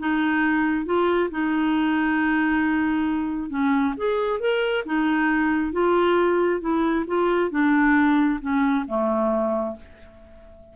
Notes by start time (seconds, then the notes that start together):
0.00 D#4
0.86 F4
1.31 D#4
3.51 C#4
3.98 G#4
4.40 A#4
4.86 D#4
5.73 F4
6.61 E4
7.08 F4
7.51 D4
8.41 C#4
8.88 A3